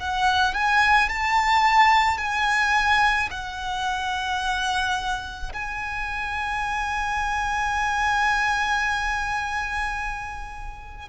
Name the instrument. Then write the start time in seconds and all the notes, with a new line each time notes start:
violin
0.00 F#5
0.55 G#5
1.10 A5
2.18 G#5
3.31 F#5
5.54 G#5